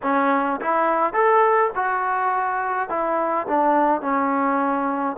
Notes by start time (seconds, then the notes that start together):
0.02 C#4
0.61 E4
1.12 A4
1.75 F#4
2.89 E4
3.47 D4
4.01 C#4